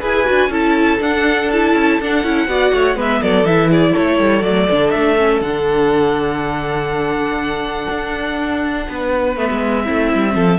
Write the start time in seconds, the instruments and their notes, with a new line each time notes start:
0.00 cello E4, viola G#4, violin B4 G#5
0.25 cello D4, viola F#4
0.48 cello C#4, viola E4, violin A4 A5
0.99 viola D4, cello D4, violin F#5
1.51 viola E4, violin A5
1.74 cello C#4
2.00 cello D4, viola D4, violin F#5
2.23 cello C#4, viola E4
2.47 cello B3, viola F#4, violin D5
2.73 cello A3, violin C#5
2.95 cello G#3, viola B3, violin B4 E5
3.22 cello F#3, violin A4 D5
3.43 cello E3, viola E4, violin E5
3.70 violin G#4 D5
3.92 cello A3, violin A4 C#5
4.19 cello G3
4.42 cello F#3, viola A3, violin D5
4.70 cello D3, viola D4
4.90 cello A3, violin E5
5.18 viola C#4
5.41 cello D3, viola D4, violin F#5
7.89 cello D4
8.88 cello B3, violin B4
9.36 cello A3, viola B3, violin E5
9.51 cello G#3
9.84 cello A3, viola C4, violin E4
10.14 cello G3
10.35 cello F3, violin A4